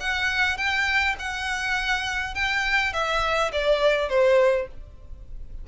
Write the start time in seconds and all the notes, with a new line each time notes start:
0.00 F#5
0.57 G5
1.19 F#5
2.35 G5
2.93 E5
3.52 D5
4.09 C5